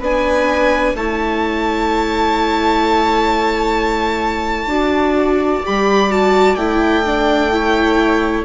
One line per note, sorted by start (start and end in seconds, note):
0.00 0.94 B3
0.00 0.97 D4
0.00 0.94 B4
0.00 0.96 G#5
0.94 4.66 A3
0.94 4.69 E4
0.94 4.71 C#5
0.94 5.65 A5
4.66 5.60 D4
4.66 5.63 F#4
4.73 7.54 D5
5.64 6.56 G3
5.64 6.10 G4
5.64 6.11 B5
6.10 6.57 F#4
6.10 6.55 A5
6.55 8.43 A3
6.55 7.05 E4
6.55 8.43 G5
7.06 7.52 D4
7.52 8.45 E4
7.52 8.45 C#5